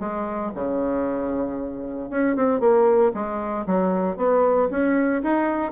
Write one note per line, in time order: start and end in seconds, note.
0.00 0.52 G#3
0.55 2.10 C#3
2.10 2.36 C#4
2.36 2.60 C4
2.60 3.12 A#3
3.14 3.66 G#3
3.67 4.17 F#3
4.17 4.69 B3
4.71 5.23 C#4
5.23 5.72 D#4